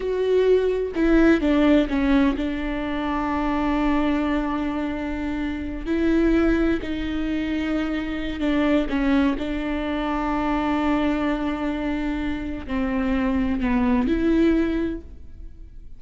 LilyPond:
\new Staff \with { instrumentName = "viola" } { \time 4/4 \tempo 4 = 128 fis'2 e'4 d'4 | cis'4 d'2.~ | d'1~ | d'8 e'2 dis'4.~ |
dis'2 d'4 cis'4 | d'1~ | d'2. c'4~ | c'4 b4 e'2 | }